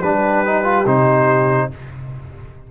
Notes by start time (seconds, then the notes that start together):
0.00 G3 D4 G4 B4
0.46 D#4
0.64 F4
0.86 C3 D#4 C5